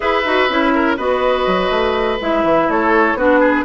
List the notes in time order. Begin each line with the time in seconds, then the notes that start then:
0.00 E4 G#4 B4 E5
0.25 D#4 F#4
0.49 C#4 E4
0.74 A#4
0.96 B3 F#4 B4 D#5
1.46 F#3
1.69 A3
2.20 G#3 E4 E5
2.43 E3
2.68 A3 A4 C#5
3.14 B3 D4 F#4 B4
3.40 G#4